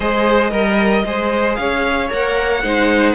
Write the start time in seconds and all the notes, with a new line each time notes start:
0.00 G#3 G#4 C5 D#5
0.51 G3 A#4
1.05 G#3 G#4 C5
1.55 C#4 C#5 F5
2.09 A#3 A#4 F#5
2.63 G#3 D#4 C5